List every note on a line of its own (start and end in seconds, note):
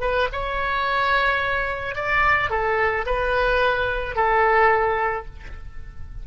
0.00 0.28 B4
0.32 1.95 C#5
1.95 2.50 D5
2.50 3.05 A4
3.06 4.15 B4
4.15 5.25 A4